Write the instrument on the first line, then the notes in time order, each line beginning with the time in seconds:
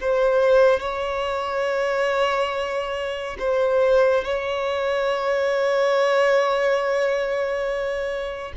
violin
0.00 C5
0.79 C#5
3.39 C5
4.24 C#5